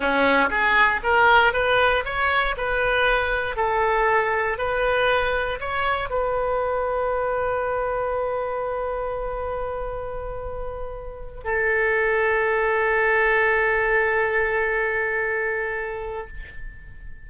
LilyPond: \new Staff \with { instrumentName = "oboe" } { \time 4/4 \tempo 4 = 118 cis'4 gis'4 ais'4 b'4 | cis''4 b'2 a'4~ | a'4 b'2 cis''4 | b'1~ |
b'1~ | b'2~ b'8 a'4.~ | a'1~ | a'1 | }